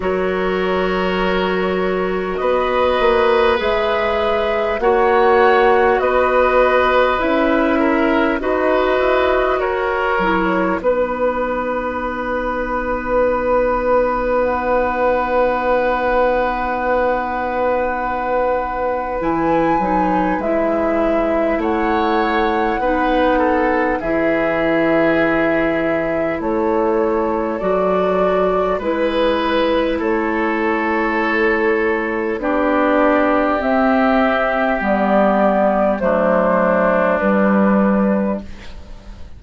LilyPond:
<<
  \new Staff \with { instrumentName = "flute" } { \time 4/4 \tempo 4 = 50 cis''2 dis''4 e''4 | fis''4 dis''4 e''4 dis''4 | cis''4 b'2. | fis''1 |
gis''4 e''4 fis''2 | e''2 cis''4 d''4 | b'4 cis''2 d''4 | e''4 d''4 c''4 b'4 | }
  \new Staff \with { instrumentName = "oboe" } { \time 4/4 ais'2 b'2 | cis''4 b'4. ais'8 b'4 | ais'4 b'2.~ | b'1~ |
b'2 cis''4 b'8 a'8 | gis'2 a'2 | b'4 a'2 g'4~ | g'2 d'2 | }
  \new Staff \with { instrumentName = "clarinet" } { \time 4/4 fis'2. gis'4 | fis'2 e'4 fis'4~ | fis'8 e'8 dis'2.~ | dis'1 |
e'8 dis'8 e'2 dis'4 | e'2. fis'4 | e'2. d'4 | c'4 b4 a4 g4 | }
  \new Staff \with { instrumentName = "bassoon" } { \time 4/4 fis2 b8 ais8 gis4 | ais4 b4 cis'4 dis'8 e'8 | fis'8 fis8 b2.~ | b1 |
e8 fis8 gis4 a4 b4 | e2 a4 fis4 | gis4 a2 b4 | c'4 g4 fis4 g4 | }
>>